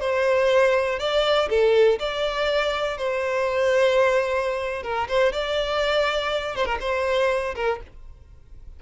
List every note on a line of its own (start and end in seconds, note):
0.00 0.99 C5
0.99 1.49 D5
1.49 1.99 A4
1.99 2.97 D5
2.97 4.83 C5
4.83 5.08 A#4
5.08 5.32 C5
5.32 6.55 D5
6.55 6.66 C5
6.66 6.78 A#4
6.80 7.55 C5
7.55 7.80 A#4